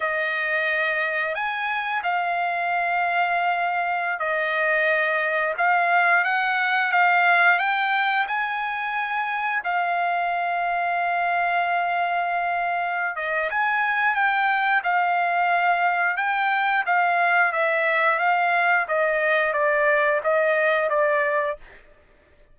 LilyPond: \new Staff \with { instrumentName = "trumpet" } { \time 4/4 \tempo 4 = 89 dis''2 gis''4 f''4~ | f''2~ f''16 dis''4.~ dis''16~ | dis''16 f''4 fis''4 f''4 g''8.~ | g''16 gis''2 f''4.~ f''16~ |
f''2.~ f''8 dis''8 | gis''4 g''4 f''2 | g''4 f''4 e''4 f''4 | dis''4 d''4 dis''4 d''4 | }